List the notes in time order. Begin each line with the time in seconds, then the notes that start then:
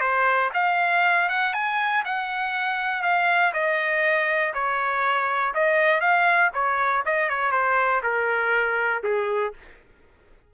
0.00 C5
0.54 F5
1.29 F#5
1.53 G#5
2.05 F#5
3.02 F5
3.53 D#5
4.54 C#5
5.54 D#5
6.01 F5
6.54 C#5
7.05 D#5
7.29 C#5
7.51 C5
8.03 A#4
9.03 G#4